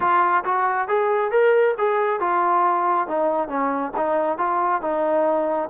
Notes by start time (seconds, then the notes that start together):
0.00 F4
0.44 F#4
0.88 G#4
1.31 A#4
1.78 G#4
2.20 F4
3.07 D#4
3.48 C#4
3.96 D#4
4.38 F4
4.81 D#4